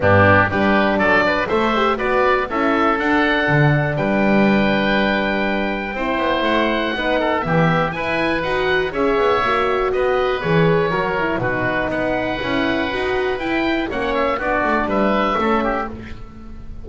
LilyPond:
<<
  \new Staff \with { instrumentName = "oboe" } { \time 4/4 \tempo 4 = 121 g'4 b'4 d''4 e''4 | d''4 e''4 fis''2 | g''1~ | g''4 fis''2 e''4 |
gis''4 fis''4 e''2 | dis''4 cis''2 b'4 | fis''2. g''4 | fis''8 e''8 d''4 e''2 | }
  \new Staff \with { instrumentName = "oboe" } { \time 4/4 d'4 g'4 a'8 b'8 c''4 | b'4 a'2. | b'1 | c''2 b'8 a'8 g'4 |
b'2 cis''2 | b'2 ais'4 fis'4 | b'1 | cis''4 fis'4 b'4 a'8 g'8 | }
  \new Staff \with { instrumentName = "horn" } { \time 4/4 b4 d'2 a'8 g'8 | fis'4 e'4 d'2~ | d'1 | e'2 dis'4 b4 |
e'4 fis'4 gis'4 fis'4~ | fis'4 gis'4 fis'8 e'8 dis'4~ | dis'4 e'4 fis'4 e'4 | cis'4 d'2 cis'4 | }
  \new Staff \with { instrumentName = "double bass" } { \time 4/4 g,4 g4 fis4 a4 | b4 cis'4 d'4 d4 | g1 | c'8 b8 a4 b4 e4 |
e'4 dis'4 cis'8 b8 ais4 | b4 e4 fis4 b,4 | b4 cis'4 dis'4 e'4 | ais4 b8 a8 g4 a4 | }
>>